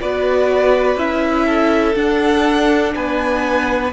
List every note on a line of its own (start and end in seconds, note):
0.00 0.96 B3
0.00 0.98 F#4
0.00 1.46 B4
0.00 0.99 D5
0.96 1.94 C#4
0.96 1.95 E4
0.96 1.96 E5
1.46 2.93 A4
1.95 3.92 D4
1.95 2.94 D4
1.95 2.94 F#5
2.95 3.93 B3
2.95 3.93 B4
2.95 3.93 G#5